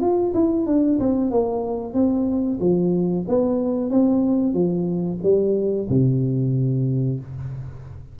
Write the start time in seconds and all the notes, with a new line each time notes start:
0.00 F4
0.34 E4
0.66 D4
0.99 C4
1.30 A#3
1.93 C4
2.60 F3
3.28 B3
3.90 C4
4.54 F3
5.22 G3
5.89 C3